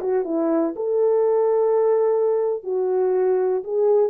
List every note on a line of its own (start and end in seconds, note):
0.00 0.24 F#4
0.24 0.74 E4
0.76 2.63 A4
2.63 3.63 F#4
3.64 4.09 G#4